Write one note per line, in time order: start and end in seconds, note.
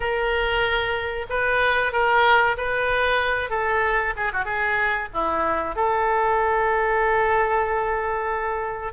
0.00 1.26 A#4
1.29 1.92 B4
1.92 2.56 A#4
2.57 3.50 B4
3.50 4.13 A4
4.16 4.32 G#4
4.32 4.44 F#4
4.44 5.08 G#4
5.13 5.75 E4
5.75 8.92 A4